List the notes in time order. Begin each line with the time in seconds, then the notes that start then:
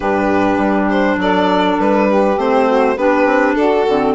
0.00 G2 D4 G4 B4
0.57 G3
0.89 C5
1.17 F#3 A4 D5
1.78 G3 B4
2.09 G4
2.36 A3 C4 C5
2.67 F#4
2.96 B3 D4 G4 B4
3.25 C4
3.54 D4 F#4 A4
3.87 D3 C4